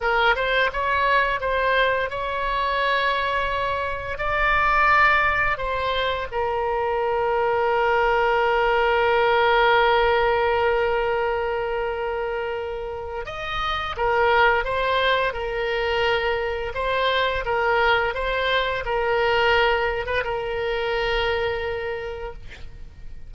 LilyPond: \new Staff \with { instrumentName = "oboe" } { \time 4/4 \tempo 4 = 86 ais'8 c''8 cis''4 c''4 cis''4~ | cis''2 d''2 | c''4 ais'2.~ | ais'1~ |
ais'2. dis''4 | ais'4 c''4 ais'2 | c''4 ais'4 c''4 ais'4~ | ais'8. b'16 ais'2. | }